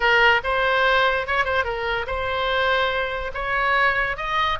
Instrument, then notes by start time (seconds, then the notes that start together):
oboe
0.00 A#4
0.43 C5
1.27 C#5
1.45 C5
1.64 A#4
2.06 C5
3.34 C#5
4.17 D#5